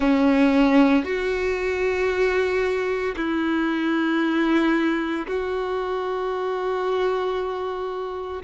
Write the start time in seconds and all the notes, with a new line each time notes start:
0.00 C#4
1.04 F#4
3.16 E4
5.27 F#4